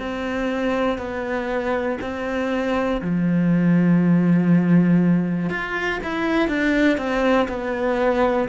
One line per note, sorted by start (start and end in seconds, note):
0.00 0.98 C4
0.98 1.98 B3
2.01 3.01 C4
3.01 5.50 F3
5.50 6.00 F4
6.03 6.48 E4
6.48 6.98 D4
6.98 7.48 C4
7.49 8.49 B3